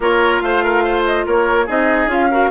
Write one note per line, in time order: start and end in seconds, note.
0.00 0.41 A#3
0.00 1.68 F4
0.00 0.42 A#4
0.00 0.40 C#5
0.40 1.26 A3
0.40 0.63 C5
0.40 1.03 F5
0.63 0.83 A#4
0.83 1.25 C5
1.05 1.26 D#5
1.26 1.68 A#3
1.26 1.66 A#4
1.26 1.69 C#5
1.66 2.06 C4
1.66 2.08 D#4
1.66 2.29 G#4
1.66 2.11 D#5
2.06 2.47 C#4
2.06 2.29 F4
2.06 2.50 F5
2.30 2.50 F#4
2.30 2.50 A#4